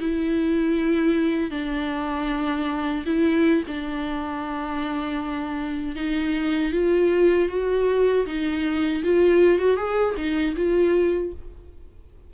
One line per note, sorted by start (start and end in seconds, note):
0.00 1.51 E4
1.51 3.05 D4
3.06 3.64 E4
3.68 5.96 D4
5.96 6.72 D#4
6.72 7.49 F4
7.49 8.26 F#4
8.26 9.03 D#4
9.04 9.59 F4
9.59 9.77 F#4
9.77 10.15 G#4
10.17 10.56 D#4
10.56 11.33 F4